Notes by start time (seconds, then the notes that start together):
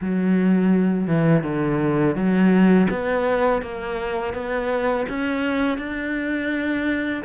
0.01 F#3
1.06 E3
1.43 D3
2.15 F#3
2.89 B3
3.61 A#3
4.33 B3
5.08 C#4
5.77 D4